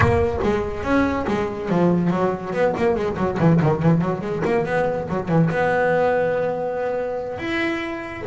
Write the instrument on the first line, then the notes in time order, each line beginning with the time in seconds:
double bass
0.00 A#3
0.43 G#3
0.83 C#4
1.27 G#3
1.69 F3
2.10 F#3
2.52 B3
2.77 A#3
2.95 G#3
3.17 F#3
3.39 E3
3.61 D#3
3.82 E3
4.01 F#3
4.21 G#3
4.45 A#3
4.65 B3
5.09 F#3
5.28 E3
5.50 B3
7.38 E4